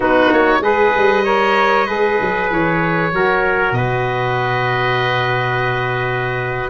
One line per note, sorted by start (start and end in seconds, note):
0.00 0.30 B3
0.00 0.61 D#4
0.00 0.61 F#4
0.00 0.33 B4
0.32 0.60 A#3
0.32 0.62 C#5
0.60 0.91 G#3
0.60 1.23 G#4
0.60 1.24 B4
0.60 2.49 D#5
0.96 1.88 G3
1.24 1.86 A#4
1.24 1.86 C#5
1.86 2.19 G#3
1.86 3.11 G#4
1.86 3.11 B4
2.20 2.50 F#3
2.50 3.12 E3
2.50 3.73 C#5
3.12 3.71 F#3
3.12 6.69 F#4
3.12 3.76 A#4
3.71 6.68 B2
3.71 6.69 B4
3.71 6.69 D#5